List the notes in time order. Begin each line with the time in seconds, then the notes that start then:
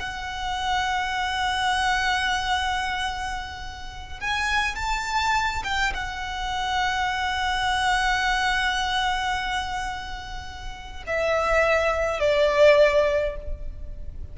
0.00 F#5
4.20 G#5
4.76 A5
5.64 G5
5.94 F#5
11.07 E5
12.20 D5